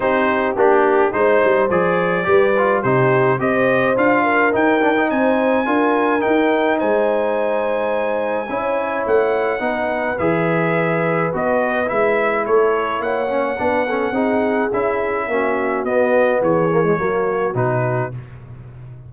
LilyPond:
<<
  \new Staff \with { instrumentName = "trumpet" } { \time 4/4 \tempo 4 = 106 c''4 g'4 c''4 d''4~ | d''4 c''4 dis''4 f''4 | g''4 gis''2 g''4 | gis''1 |
fis''2 e''2 | dis''4 e''4 cis''4 fis''4~ | fis''2 e''2 | dis''4 cis''2 b'4 | }
  \new Staff \with { instrumentName = "horn" } { \time 4/4 g'2 c''2 | b'4 g'4 c''4. ais'8~ | ais'4 c''4 ais'2 | c''2. cis''4~ |
cis''4 b'2.~ | b'2 a'4 cis''4 | b'8 a'8 gis'2 fis'4~ | fis'4 gis'4 fis'2 | }
  \new Staff \with { instrumentName = "trombone" } { \time 4/4 dis'4 d'4 dis'4 gis'4 | g'8 f'8 dis'4 g'4 f'4 | dis'8 d'16 dis'4~ dis'16 f'4 dis'4~ | dis'2. e'4~ |
e'4 dis'4 gis'2 | fis'4 e'2~ e'8 cis'8 | d'8 cis'8 dis'4 e'4 cis'4 | b4. ais16 gis16 ais4 dis'4 | }
  \new Staff \with { instrumentName = "tuba" } { \time 4/4 c'4 ais4 gis8 g8 f4 | g4 c4 c'4 d'4 | dis'4 c'4 d'4 dis'4 | gis2. cis'4 |
a4 b4 e2 | b4 gis4 a4 ais4 | b4 c'4 cis'4 ais4 | b4 e4 fis4 b,4 | }
>>